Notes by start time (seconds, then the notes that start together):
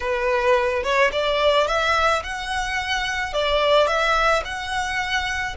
0.00 B4
0.83 C#5
1.11 D5
1.67 E5
2.23 F#5
3.33 D5
3.87 E5
4.44 F#5